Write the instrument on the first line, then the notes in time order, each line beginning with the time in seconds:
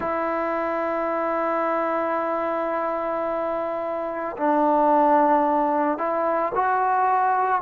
trombone
0.00 E4
4.37 D4
5.98 E4
6.55 F#4